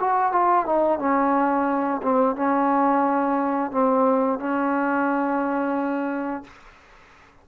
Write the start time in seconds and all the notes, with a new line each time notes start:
0.00 F#4
0.33 F4
0.66 D#4
0.99 C#4
2.03 C4
2.36 C#4
3.72 C4
4.40 C#4